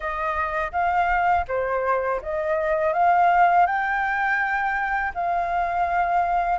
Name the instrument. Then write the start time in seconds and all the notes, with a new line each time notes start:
flute
0.00 D#5
0.72 F5
1.48 C5
2.22 D#5
2.93 F5
3.66 G5
5.14 F5